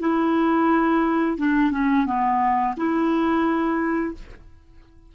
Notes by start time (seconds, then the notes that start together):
0.00 E4
1.38 D4
1.72 C#4
2.06 B3
2.77 E4